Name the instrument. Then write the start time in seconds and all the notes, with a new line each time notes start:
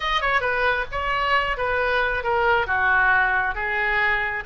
oboe
0.00 D#5
0.21 C#5
0.40 B4
0.91 C#5
1.57 B4
2.23 A#4
2.67 F#4
3.54 G#4